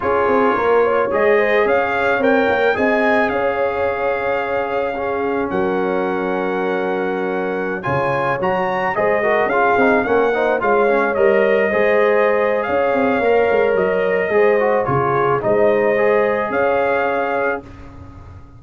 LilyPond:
<<
  \new Staff \with { instrumentName = "trumpet" } { \time 4/4 \tempo 4 = 109 cis''2 dis''4 f''4 | g''4 gis''4 f''2~ | f''2 fis''2~ | fis''2~ fis''16 gis''4 ais''8.~ |
ais''16 dis''4 f''4 fis''4 f''8.~ | f''16 dis''2~ dis''8. f''4~ | f''4 dis''2 cis''4 | dis''2 f''2 | }
  \new Staff \with { instrumentName = "horn" } { \time 4/4 gis'4 ais'8 cis''4 c''8 cis''4~ | cis''4 dis''4 cis''2~ | cis''4 gis'4 ais'2~ | ais'2~ ais'16 cis''4.~ cis''16~ |
cis''16 c''8 ais'8 gis'4 ais'8 c''8 cis''8.~ | cis''4~ cis''16 c''4.~ c''16 cis''4~ | cis''2 c''4 gis'4 | c''2 cis''2 | }
  \new Staff \with { instrumentName = "trombone" } { \time 4/4 f'2 gis'2 | ais'4 gis'2.~ | gis'4 cis'2.~ | cis'2~ cis'16 f'4 fis'8.~ |
fis'16 gis'8 fis'8 f'8 dis'8 cis'8 dis'8 f'8 cis'16~ | cis'16 ais'4 gis'2~ gis'8. | ais'2 gis'8 fis'8 f'4 | dis'4 gis'2. | }
  \new Staff \with { instrumentName = "tuba" } { \time 4/4 cis'8 c'8 ais4 gis4 cis'4 | c'8 ais8 c'4 cis'2~ | cis'2 fis2~ | fis2~ fis16 cis4 fis8.~ |
fis16 gis4 cis'8 c'8 ais4 gis8.~ | gis16 g4 gis4.~ gis16 cis'8 c'8 | ais8 gis8 fis4 gis4 cis4 | gis2 cis'2 | }
>>